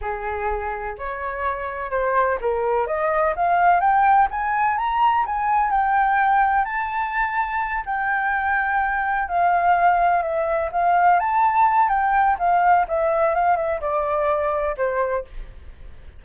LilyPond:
\new Staff \with { instrumentName = "flute" } { \time 4/4 \tempo 4 = 126 gis'2 cis''2 | c''4 ais'4 dis''4 f''4 | g''4 gis''4 ais''4 gis''4 | g''2 a''2~ |
a''8 g''2. f''8~ | f''4. e''4 f''4 a''8~ | a''4 g''4 f''4 e''4 | f''8 e''8 d''2 c''4 | }